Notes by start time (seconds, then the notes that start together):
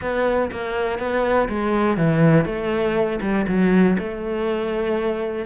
0.01 B3
0.51 A#3
0.98 B3
1.49 G#3
1.97 E3
2.45 A3
3.21 G3
3.47 F#3
3.98 A3